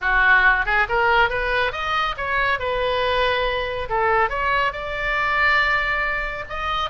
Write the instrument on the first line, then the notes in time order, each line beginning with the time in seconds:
oboe
0.01 F#4
0.65 G#4
0.88 A#4
1.29 B4
1.71 D#5
2.17 C#5
2.59 B4
3.89 A4
4.29 C#5
4.72 D5
6.49 D#5